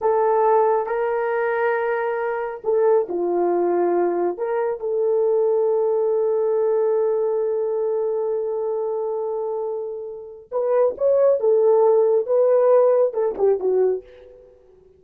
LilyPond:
\new Staff \with { instrumentName = "horn" } { \time 4/4 \tempo 4 = 137 a'2 ais'2~ | ais'2 a'4 f'4~ | f'2 ais'4 a'4~ | a'1~ |
a'1~ | a'1 | b'4 cis''4 a'2 | b'2 a'8 g'8 fis'4 | }